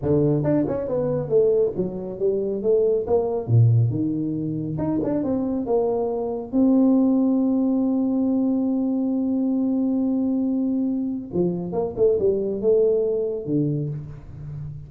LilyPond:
\new Staff \with { instrumentName = "tuba" } { \time 4/4 \tempo 4 = 138 d4 d'8 cis'8 b4 a4 | fis4 g4 a4 ais4 | ais,4 dis2 dis'8 d'8 | c'4 ais2 c'4~ |
c'1~ | c'1~ | c'2 f4 ais8 a8 | g4 a2 d4 | }